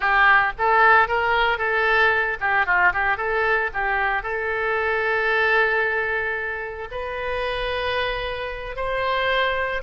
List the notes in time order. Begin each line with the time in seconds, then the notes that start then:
0.00 G4
0.58 A4
1.08 A#4
1.58 A4
2.40 G4
2.66 F4
2.93 G4
3.17 A4
3.73 G4
4.22 A4
6.91 B4
8.75 C5